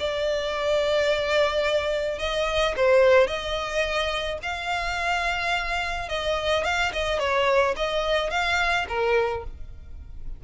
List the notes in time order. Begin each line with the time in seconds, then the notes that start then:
0.00 D5
2.19 D#5
2.77 C5
3.28 D#5
4.43 F5
6.09 D#5
6.65 F5
6.93 D#5
7.20 C#5
7.77 D#5
8.31 F5
8.89 A#4